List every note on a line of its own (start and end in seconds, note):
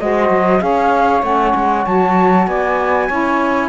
0.00 0.30 G#3
0.00 0.59 F#4
0.00 0.62 C5
0.00 0.62 D#5
0.30 0.61 F#3
0.59 1.23 C#4
0.59 1.21 G#4
0.59 2.48 C#5
0.59 1.24 F5
1.23 1.54 A3
1.23 1.85 C#4
1.23 1.86 F#5
1.56 1.87 G#3
1.86 2.48 F#3
1.86 3.10 F#4
1.86 2.48 A5
2.48 3.10 B3
2.48 3.08 D5
2.48 3.69 G#5
3.08 3.69 C#4
3.08 3.69 E4
3.08 3.69 C#5